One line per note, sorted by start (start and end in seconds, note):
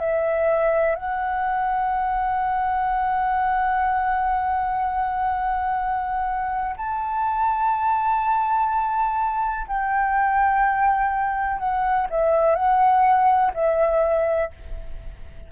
0.00 0.96 E5
0.96 6.77 F#5
6.77 9.68 A5
9.68 11.59 G5
11.59 12.07 F#5
12.11 12.55 E5
12.55 13.52 F#5
13.55 14.52 E5